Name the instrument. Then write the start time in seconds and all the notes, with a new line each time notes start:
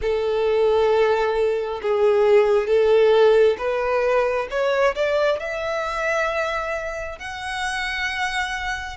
violin
0.01 A4
1.82 G#4
2.67 A4
3.57 B4
4.50 C#5
4.95 D5
5.39 E5
7.18 F#5